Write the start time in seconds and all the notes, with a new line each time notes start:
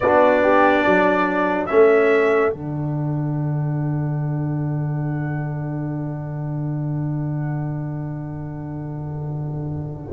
0.00 B3 D4 F#4 D5
0.42 G4
0.83 F#3 A4
1.66 A3 C#4 E5
2.50 D3 D4 F#5